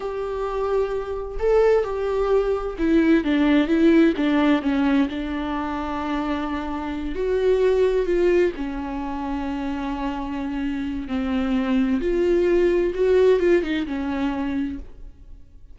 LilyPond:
\new Staff \with { instrumentName = "viola" } { \time 4/4 \tempo 4 = 130 g'2. a'4 | g'2 e'4 d'4 | e'4 d'4 cis'4 d'4~ | d'2.~ d'8 fis'8~ |
fis'4. f'4 cis'4.~ | cis'1 | c'2 f'2 | fis'4 f'8 dis'8 cis'2 | }